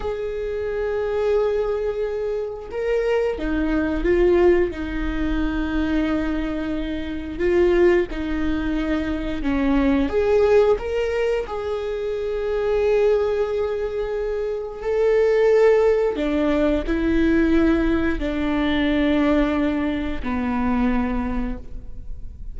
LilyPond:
\new Staff \with { instrumentName = "viola" } { \time 4/4 \tempo 4 = 89 gis'1 | ais'4 dis'4 f'4 dis'4~ | dis'2. f'4 | dis'2 cis'4 gis'4 |
ais'4 gis'2.~ | gis'2 a'2 | d'4 e'2 d'4~ | d'2 b2 | }